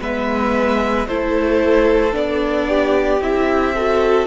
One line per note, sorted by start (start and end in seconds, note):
0.00 1.07 G#3
0.00 1.09 B3
0.00 1.08 B4
0.00 1.08 E5
1.08 2.14 A3
1.08 2.12 E4
1.08 2.69 A4
1.08 2.15 C5
2.12 3.21 B3
2.12 3.19 D4
2.12 3.23 D5
2.69 3.75 G4
3.21 4.28 C4
3.21 3.76 E4
3.21 4.28 E5
3.75 4.28 F#4
3.75 4.28 A4